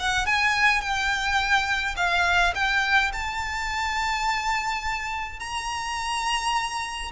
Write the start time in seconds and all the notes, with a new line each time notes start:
0.00 F#5
0.27 G#5
0.82 G5
1.97 F5
2.55 G5
3.13 A5
5.40 A#5